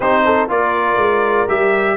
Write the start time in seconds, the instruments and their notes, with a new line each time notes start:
0.00 tuba C4, trombone D#4, horn G4, trumpet C5
0.25 horn A4
0.48 tuba A#3, trombone F4, horn A#4, trumpet D5
0.96 tuba G#3
1.47 tuba G3, trombone G4, trumpet E5